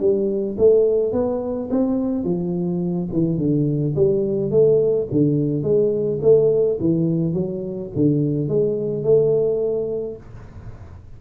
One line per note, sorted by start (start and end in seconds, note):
0.00 0.57 G3
0.58 1.12 A3
1.12 1.69 B3
1.70 2.24 C4
2.24 3.09 F3
3.13 3.38 E3
3.38 3.94 D3
3.95 4.51 G3
4.51 5.07 A3
5.12 5.63 D3
5.63 6.19 G#3
6.22 6.78 A3
6.80 7.33 E3
7.33 7.90 F#3
7.96 8.48 D3
8.48 9.04 G#3
9.04 10.17 A3